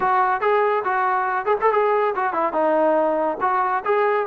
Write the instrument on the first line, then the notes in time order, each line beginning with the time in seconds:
trombone
0.00 F#4
0.40 G#4
0.84 F#4
1.45 G#4
1.61 A4
1.72 G#4
2.15 F#4
2.33 E4
2.52 D#4
3.40 F#4
3.85 G#4